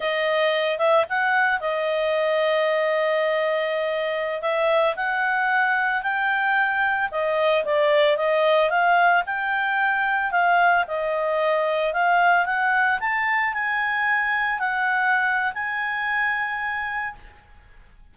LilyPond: \new Staff \with { instrumentName = "clarinet" } { \time 4/4 \tempo 4 = 112 dis''4. e''8 fis''4 dis''4~ | dis''1~ | dis''16 e''4 fis''2 g''8.~ | g''4~ g''16 dis''4 d''4 dis''8.~ |
dis''16 f''4 g''2 f''8.~ | f''16 dis''2 f''4 fis''8.~ | fis''16 a''4 gis''2 fis''8.~ | fis''4 gis''2. | }